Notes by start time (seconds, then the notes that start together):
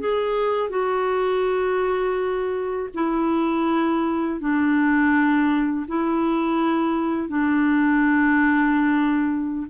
0.00 G#4
0.70 F#4
2.94 E4
4.40 D4
5.88 E4
7.29 D4